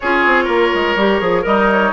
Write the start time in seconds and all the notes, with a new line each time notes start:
0.00 C#4 F4 G#4 C#5
0.25 C4
0.44 A#3 A#4
0.74 G#3
0.95 G3 G4
1.20 F3 G#4
1.42 G3 D#4 A#4 D#5
1.72 C#5